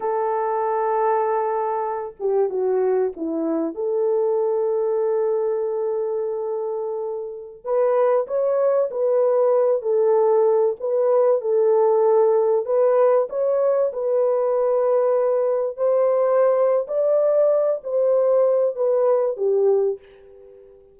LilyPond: \new Staff \with { instrumentName = "horn" } { \time 4/4 \tempo 4 = 96 a'2.~ a'8 g'8 | fis'4 e'4 a'2~ | a'1~ | a'16 b'4 cis''4 b'4. a'16~ |
a'4~ a'16 b'4 a'4.~ a'16~ | a'16 b'4 cis''4 b'4.~ b'16~ | b'4~ b'16 c''4.~ c''16 d''4~ | d''8 c''4. b'4 g'4 | }